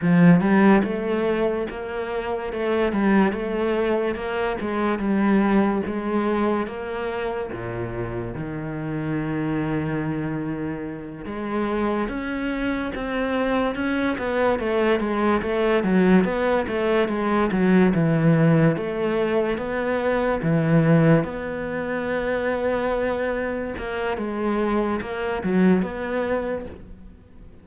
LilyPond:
\new Staff \with { instrumentName = "cello" } { \time 4/4 \tempo 4 = 72 f8 g8 a4 ais4 a8 g8 | a4 ais8 gis8 g4 gis4 | ais4 ais,4 dis2~ | dis4. gis4 cis'4 c'8~ |
c'8 cis'8 b8 a8 gis8 a8 fis8 b8 | a8 gis8 fis8 e4 a4 b8~ | b8 e4 b2~ b8~ | b8 ais8 gis4 ais8 fis8 b4 | }